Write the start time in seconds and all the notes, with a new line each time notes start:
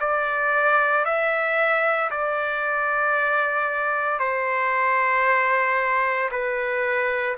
0.00 D5
1.05 E5
2.10 D5
4.19 C5
6.31 B4